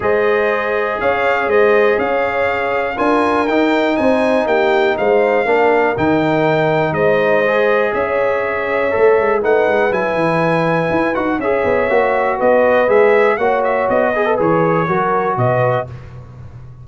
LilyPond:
<<
  \new Staff \with { instrumentName = "trumpet" } { \time 4/4 \tempo 4 = 121 dis''2 f''4 dis''4 | f''2 gis''4 g''4 | gis''4 g''4 f''2 | g''2 dis''2 |
e''2. fis''4 | gis''2~ gis''8 fis''8 e''4~ | e''4 dis''4 e''4 fis''8 e''8 | dis''4 cis''2 dis''4 | }
  \new Staff \with { instrumentName = "horn" } { \time 4/4 c''2 cis''4 c''4 | cis''2 ais'2 | c''4 g'4 c''4 ais'4~ | ais'2 c''2 |
cis''2. b'4~ | b'2. cis''4~ | cis''4 b'2 cis''4~ | cis''8 b'4. ais'4 b'4 | }
  \new Staff \with { instrumentName = "trombone" } { \time 4/4 gis'1~ | gis'2 f'4 dis'4~ | dis'2. d'4 | dis'2. gis'4~ |
gis'2 a'4 dis'4 | e'2~ e'8 fis'8 gis'4 | fis'2 gis'4 fis'4~ | fis'8 gis'16 a'16 gis'4 fis'2 | }
  \new Staff \with { instrumentName = "tuba" } { \time 4/4 gis2 cis'4 gis4 | cis'2 d'4 dis'4 | c'4 ais4 gis4 ais4 | dis2 gis2 |
cis'2 a8 gis8 a8 gis8 | fis8 e4. e'8 dis'8 cis'8 b8 | ais4 b4 gis4 ais4 | b4 e4 fis4 b,4 | }
>>